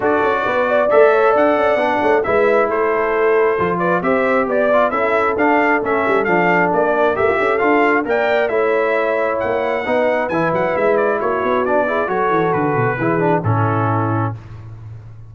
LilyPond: <<
  \new Staff \with { instrumentName = "trumpet" } { \time 4/4 \tempo 4 = 134 d''2 e''4 fis''4~ | fis''4 e''4 c''2~ | c''8 d''8 e''4 d''4 e''4 | f''4 e''4 f''4 d''4 |
e''4 f''4 g''4 e''4~ | e''4 fis''2 gis''8 fis''8 | e''8 d''8 cis''4 d''4 cis''4 | b'2 a'2 | }
  \new Staff \with { instrumentName = "horn" } { \time 4/4 a'4 b'8 d''4 cis''8 d''4~ | d''8 cis''8 b'4 a'2~ | a'8 b'8 c''4 d''4 a'4~ | a'2.~ a'8 ais'8~ |
ais'8 a'4. d''4 cis''4~ | cis''2 b'2~ | b'4 fis'4. gis'8 a'4~ | a'4 gis'4 e'2 | }
  \new Staff \with { instrumentName = "trombone" } { \time 4/4 fis'2 a'2 | d'4 e'2. | f'4 g'4. f'8 e'4 | d'4 cis'4 d'2 |
g'4 f'4 ais'4 e'4~ | e'2 dis'4 e'4~ | e'2 d'8 e'8 fis'4~ | fis'4 e'8 d'8 cis'2 | }
  \new Staff \with { instrumentName = "tuba" } { \time 4/4 d'8 cis'8 b4 a4 d'8 cis'8 | b8 a8 gis4 a2 | f4 c'4 b4 cis'4 | d'4 a8 g8 f4 ais4 |
a16 f'16 cis'8 d'4 ais4 a4~ | a4 ais4 b4 e8 fis8 | gis4 ais8 b4. fis8 e8 | d8 b,8 e4 a,2 | }
>>